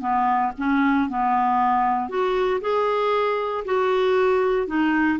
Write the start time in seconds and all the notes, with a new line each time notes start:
0.00 B3
0.58 C#4
1.09 B3
2.09 F#4
2.61 G#4
3.65 F#4
4.67 D#4